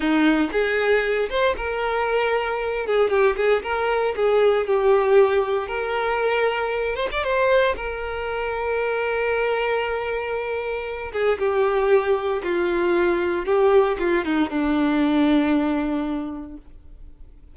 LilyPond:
\new Staff \with { instrumentName = "violin" } { \time 4/4 \tempo 4 = 116 dis'4 gis'4. c''8 ais'4~ | ais'4. gis'8 g'8 gis'8 ais'4 | gis'4 g'2 ais'4~ | ais'4. c''16 d''16 c''4 ais'4~ |
ais'1~ | ais'4. gis'8 g'2 | f'2 g'4 f'8 dis'8 | d'1 | }